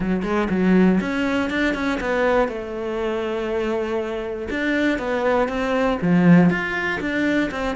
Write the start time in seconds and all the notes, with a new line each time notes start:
0.00 F#3
0.22 G#3
0.50 F#3
1.00 C#4
1.50 D4
1.74 C#4
2.00 B3
2.48 A3
4.50 D4
4.98 B3
5.48 C4
6.01 F3
6.50 F4
7.00 D4
7.51 C4